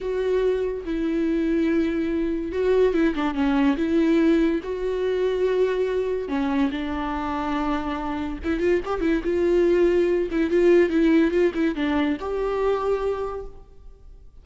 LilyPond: \new Staff \with { instrumentName = "viola" } { \time 4/4 \tempo 4 = 143 fis'2 e'2~ | e'2 fis'4 e'8 d'8 | cis'4 e'2 fis'4~ | fis'2. cis'4 |
d'1 | e'8 f'8 g'8 e'8 f'2~ | f'8 e'8 f'4 e'4 f'8 e'8 | d'4 g'2. | }